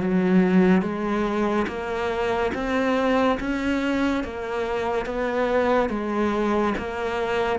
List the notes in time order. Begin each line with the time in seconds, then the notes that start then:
0.00 F#3
0.81 G#3
1.67 A#3
2.54 C4
3.40 C#4
4.24 A#3
5.06 B3
5.89 G#3
6.78 A#3